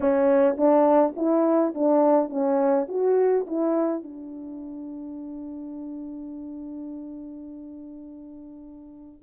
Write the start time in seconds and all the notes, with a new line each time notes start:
0.00 C#4
0.57 D4
1.16 E4
1.74 D4
2.29 C#4
2.88 F#4
3.46 E4
4.03 D4